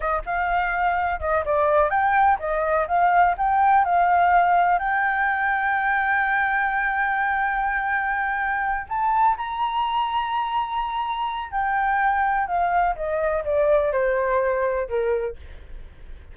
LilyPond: \new Staff \with { instrumentName = "flute" } { \time 4/4 \tempo 4 = 125 dis''8 f''2 dis''8 d''4 | g''4 dis''4 f''4 g''4 | f''2 g''2~ | g''1~ |
g''2~ g''8 a''4 ais''8~ | ais''1 | g''2 f''4 dis''4 | d''4 c''2 ais'4 | }